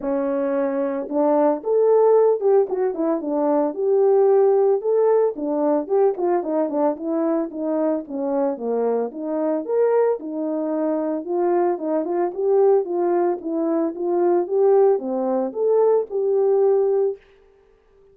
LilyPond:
\new Staff \with { instrumentName = "horn" } { \time 4/4 \tempo 4 = 112 cis'2 d'4 a'4~ | a'8 g'8 fis'8 e'8 d'4 g'4~ | g'4 a'4 d'4 g'8 f'8 | dis'8 d'8 e'4 dis'4 cis'4 |
ais4 dis'4 ais'4 dis'4~ | dis'4 f'4 dis'8 f'8 g'4 | f'4 e'4 f'4 g'4 | c'4 a'4 g'2 | }